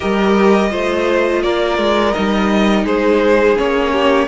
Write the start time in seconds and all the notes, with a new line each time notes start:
0.00 G3 G4 A#4 D#5
0.70 A3 F4 C5
1.42 A#3 A#4 D5
1.78 G#3
2.13 G3 D#4 D#5
2.84 G#3 G#4 C5
3.56 A#3 C#4 C#5
3.92 G4